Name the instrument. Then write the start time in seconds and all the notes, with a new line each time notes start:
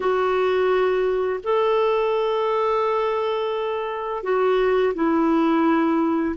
clarinet
0.00 F#4
1.43 A4
4.23 F#4
4.94 E4